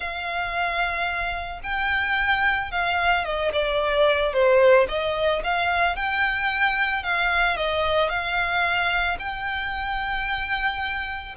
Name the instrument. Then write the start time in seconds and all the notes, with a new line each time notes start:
violin
0.00 F5
1.63 G5
2.71 F5
3.24 D#5
3.53 D5
4.33 C5
4.88 D#5
5.43 F5
5.96 G5
7.03 F5
7.56 D#5
8.09 F5
9.19 G5